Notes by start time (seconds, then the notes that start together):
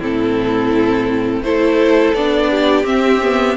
0.00 A2 C4 E4 A4
1.42 A3 E4 A4 C5
2.14 B3 D4 D5
2.51 G4
2.84 C4 E5
3.22 B3